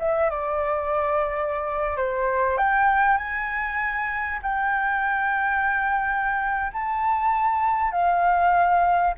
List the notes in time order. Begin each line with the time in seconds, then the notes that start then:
0.00 E5
0.30 D5
1.97 C5
2.58 G5
3.18 G#5
4.43 G5
6.73 A5
7.92 F5